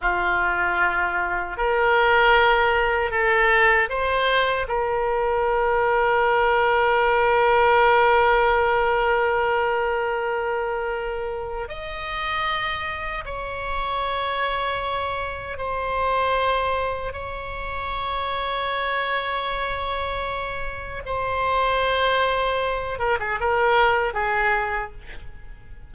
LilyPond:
\new Staff \with { instrumentName = "oboe" } { \time 4/4 \tempo 4 = 77 f'2 ais'2 | a'4 c''4 ais'2~ | ais'1~ | ais'2. dis''4~ |
dis''4 cis''2. | c''2 cis''2~ | cis''2. c''4~ | c''4. ais'16 gis'16 ais'4 gis'4 | }